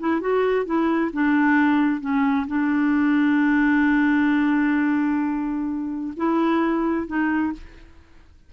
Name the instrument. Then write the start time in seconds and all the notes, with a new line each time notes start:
clarinet
0.00 E4
0.21 F#4
0.66 E4
1.13 D4
2.01 C#4
2.48 D4
6.17 E4
7.07 D#4